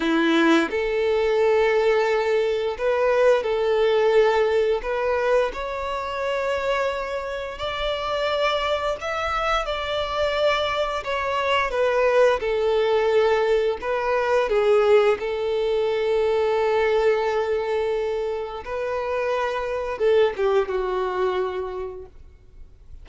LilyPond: \new Staff \with { instrumentName = "violin" } { \time 4/4 \tempo 4 = 87 e'4 a'2. | b'4 a'2 b'4 | cis''2. d''4~ | d''4 e''4 d''2 |
cis''4 b'4 a'2 | b'4 gis'4 a'2~ | a'2. b'4~ | b'4 a'8 g'8 fis'2 | }